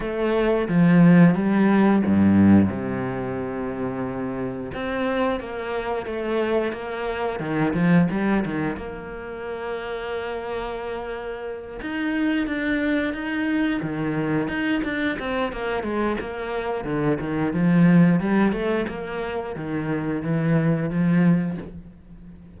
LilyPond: \new Staff \with { instrumentName = "cello" } { \time 4/4 \tempo 4 = 89 a4 f4 g4 g,4 | c2. c'4 | ais4 a4 ais4 dis8 f8 | g8 dis8 ais2.~ |
ais4. dis'4 d'4 dis'8~ | dis'8 dis4 dis'8 d'8 c'8 ais8 gis8 | ais4 d8 dis8 f4 g8 a8 | ais4 dis4 e4 f4 | }